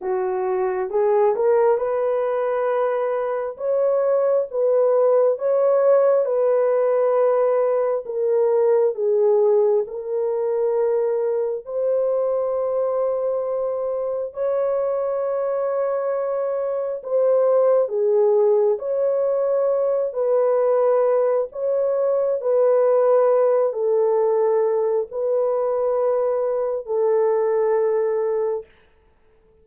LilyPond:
\new Staff \with { instrumentName = "horn" } { \time 4/4 \tempo 4 = 67 fis'4 gis'8 ais'8 b'2 | cis''4 b'4 cis''4 b'4~ | b'4 ais'4 gis'4 ais'4~ | ais'4 c''2. |
cis''2. c''4 | gis'4 cis''4. b'4. | cis''4 b'4. a'4. | b'2 a'2 | }